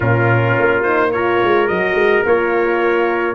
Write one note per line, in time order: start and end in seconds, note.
0.00 0.56 A#2
0.00 0.83 C#4
0.00 1.10 F4
0.00 0.83 A#4
0.58 1.42 A#3
0.83 1.13 D#4
0.83 1.11 C5
1.11 1.68 F4
1.11 3.35 A#4
1.11 1.67 C#5
1.43 1.69 G#3
1.67 1.94 F#3
1.67 2.24 F#4
1.67 2.23 D#5
1.94 2.22 G#3
2.24 3.35 A#3
2.24 3.35 F4
2.24 3.35 C#5